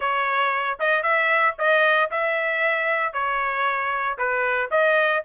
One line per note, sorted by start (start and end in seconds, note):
0.00 0.78 C#5
0.79 1.02 D#5
1.02 1.55 E5
1.58 2.10 D#5
2.10 3.13 E5
3.13 4.17 C#5
4.17 4.70 B4
4.70 5.22 D#5